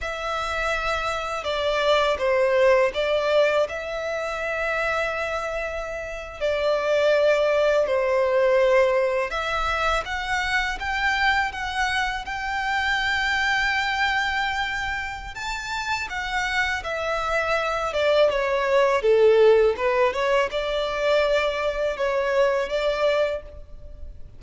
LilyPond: \new Staff \with { instrumentName = "violin" } { \time 4/4 \tempo 4 = 82 e''2 d''4 c''4 | d''4 e''2.~ | e''8. d''2 c''4~ c''16~ | c''8. e''4 fis''4 g''4 fis''16~ |
fis''8. g''2.~ g''16~ | g''4 a''4 fis''4 e''4~ | e''8 d''8 cis''4 a'4 b'8 cis''8 | d''2 cis''4 d''4 | }